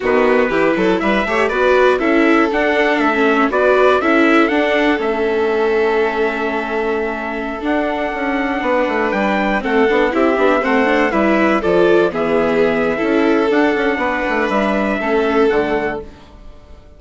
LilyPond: <<
  \new Staff \with { instrumentName = "trumpet" } { \time 4/4 \tempo 4 = 120 b'2 e''4 d''4 | e''4 fis''4 e''4 d''4 | e''4 fis''4 e''2~ | e''2.~ e''16 fis''8.~ |
fis''2~ fis''16 g''4 fis''8.~ | fis''16 e''4 fis''4 e''4 d''8.~ | d''16 e''2~ e''8. fis''4~ | fis''4 e''2 fis''4 | }
  \new Staff \with { instrumentName = "violin" } { \time 4/4 fis'4 g'8 a'8 b'8 cis''8 b'4 | a'2. b'4 | a'1~ | a'1~ |
a'4~ a'16 b'2 a'8.~ | a'16 g'4 c''4 b'4 a'8.~ | a'16 gis'4.~ gis'16 a'2 | b'2 a'2 | }
  \new Staff \with { instrumentName = "viola" } { \time 4/4 b4 e'4. g'8 fis'4 | e'4 d'4~ d'16 cis'8. fis'4 | e'4 d'4 cis'2~ | cis'2.~ cis'16 d'8.~ |
d'2.~ d'16 c'8 d'16~ | d'16 e'8 d'8 c'8 d'8 e'4 f'8.~ | f'16 b4.~ b16 e'4 d'4~ | d'2 cis'4 a4 | }
  \new Staff \with { instrumentName = "bassoon" } { \time 4/4 dis4 e8 fis8 g8 a8 b4 | cis'4 d'4 a4 b4 | cis'4 d'4 a2~ | a2.~ a16 d'8.~ |
d'16 cis'4 b8 a8 g4 a8 b16~ | b16 c'8 b8 a4 g4 f8.~ | f16 e4.~ e16 cis'4 d'8 cis'8 | b8 a8 g4 a4 d4 | }
>>